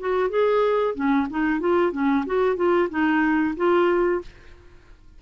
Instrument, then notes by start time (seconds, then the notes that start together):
clarinet
0.00 F#4
0.30 G#4
0.95 C#4
1.30 D#4
1.60 F4
1.92 C#4
2.26 F#4
2.56 F4
2.90 D#4
3.57 F4